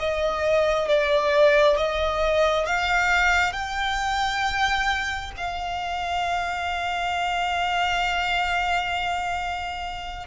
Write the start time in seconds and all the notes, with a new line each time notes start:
0.00 D#5
0.89 D5
1.77 D#5
2.67 F5
3.53 G5
5.37 F5